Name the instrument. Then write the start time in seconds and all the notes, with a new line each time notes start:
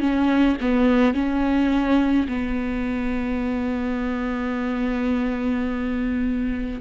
viola
0.00 C#4
0.61 B3
1.14 C#4
2.28 B3